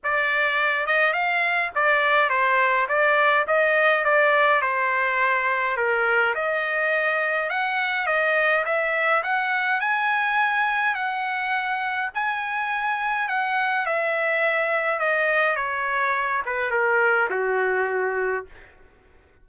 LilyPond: \new Staff \with { instrumentName = "trumpet" } { \time 4/4 \tempo 4 = 104 d''4. dis''8 f''4 d''4 | c''4 d''4 dis''4 d''4 | c''2 ais'4 dis''4~ | dis''4 fis''4 dis''4 e''4 |
fis''4 gis''2 fis''4~ | fis''4 gis''2 fis''4 | e''2 dis''4 cis''4~ | cis''8 b'8 ais'4 fis'2 | }